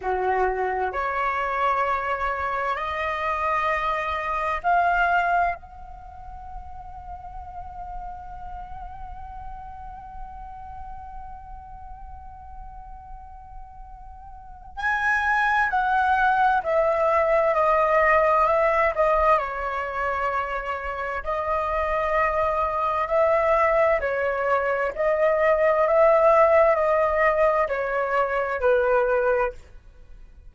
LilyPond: \new Staff \with { instrumentName = "flute" } { \time 4/4 \tempo 4 = 65 fis'4 cis''2 dis''4~ | dis''4 f''4 fis''2~ | fis''1~ | fis''1 |
gis''4 fis''4 e''4 dis''4 | e''8 dis''8 cis''2 dis''4~ | dis''4 e''4 cis''4 dis''4 | e''4 dis''4 cis''4 b'4 | }